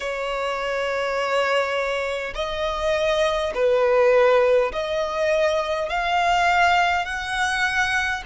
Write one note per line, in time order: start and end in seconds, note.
0.00 2.33 C#5
2.35 3.52 D#5
3.54 4.72 B4
4.72 5.89 D#5
5.89 7.05 F5
7.05 8.22 F#5